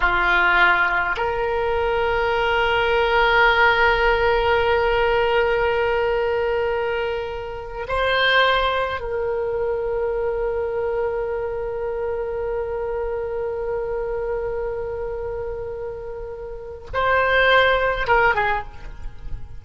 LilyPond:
\new Staff \with { instrumentName = "oboe" } { \time 4/4 \tempo 4 = 103 f'2 ais'2~ | ais'1~ | ais'1~ | ais'4. c''2 ais'8~ |
ais'1~ | ais'1~ | ais'1~ | ais'4 c''2 ais'8 gis'8 | }